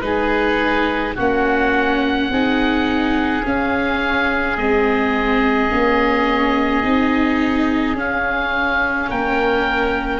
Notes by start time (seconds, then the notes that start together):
0.00 G#3 D#4 G#4 B4
1.15 A#3 C#4 F#4 F#5
2.29 C4 D#4 G#4
3.43 C#4 F5
4.56 G#3 C4 D#5
5.70 A#3 C#4
6.83 C4 D#4
7.94 C#4 F5
9.09 A#3 A#4 G5